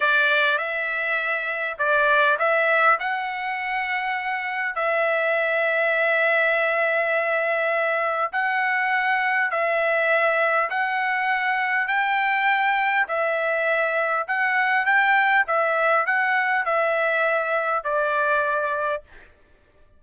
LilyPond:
\new Staff \with { instrumentName = "trumpet" } { \time 4/4 \tempo 4 = 101 d''4 e''2 d''4 | e''4 fis''2. | e''1~ | e''2 fis''2 |
e''2 fis''2 | g''2 e''2 | fis''4 g''4 e''4 fis''4 | e''2 d''2 | }